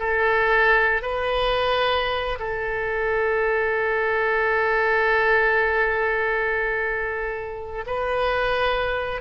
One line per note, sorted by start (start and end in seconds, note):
0.00 1.02 A4
1.02 2.39 B4
2.40 7.85 A4
7.86 9.21 B4